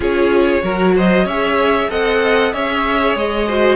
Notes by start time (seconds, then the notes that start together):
0.00 C#4 F4 G#4 C#5
0.61 F#3 F#4 A#4
0.95 C5 D#5
1.25 C#4 G#4 C#5 E5
1.89 C4 A4 D#5 F#5
2.52 C#4 G#4 C#5 E5
3.15 G#3 D#5
3.47 F#4 C5